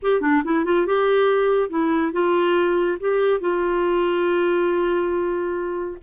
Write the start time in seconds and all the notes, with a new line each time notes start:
0.02 G4
0.21 D4
0.44 E4
0.64 F4
0.86 G4
1.69 E4
2.12 F4
3.00 G4
3.40 F4